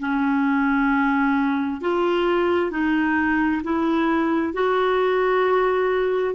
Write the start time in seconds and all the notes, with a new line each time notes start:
0.00 C#4
1.81 F4
2.71 D#4
3.64 E4
4.54 F#4